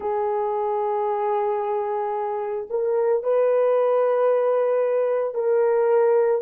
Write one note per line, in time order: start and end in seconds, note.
0.00 2.68 G#4
2.69 3.23 A#4
3.23 5.34 B4
5.34 6.41 A#4